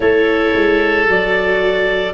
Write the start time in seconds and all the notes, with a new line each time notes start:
0.00 A3 E4 A4 C#5
0.54 G#3
1.06 F#3 F#4 D5